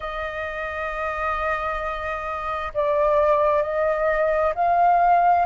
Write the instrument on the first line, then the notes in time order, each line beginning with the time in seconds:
flute
0.00 D#5
2.74 D5
3.62 D#5
4.55 F5